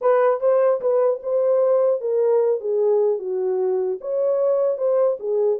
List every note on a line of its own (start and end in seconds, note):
0.01 0.40 B4
0.40 0.80 C5
0.81 1.21 B4
1.22 2.00 C5
2.00 2.60 A#4
2.60 3.18 G#4
3.18 3.98 F#4
4.00 4.77 C#5
4.77 5.17 C5
5.19 5.59 G#4